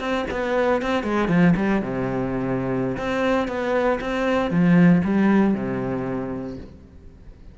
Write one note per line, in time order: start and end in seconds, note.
0.00 0.26 C4
0.31 0.82 B3
0.82 1.04 C4
1.04 1.28 G#3
1.28 1.54 F3
1.56 1.82 G3
1.82 2.97 C3
2.98 3.48 C4
3.48 3.99 B3
4.01 4.51 C4
4.51 5.02 F3
5.04 5.55 G3
5.55 6.57 C3